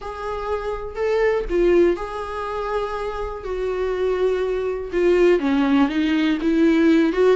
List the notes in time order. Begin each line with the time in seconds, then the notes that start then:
0.01 G#4
0.95 A4
1.49 F4
1.96 G#4
3.43 F#4
4.92 F4
5.39 C#4
5.88 D#4
6.41 E4
7.12 F#4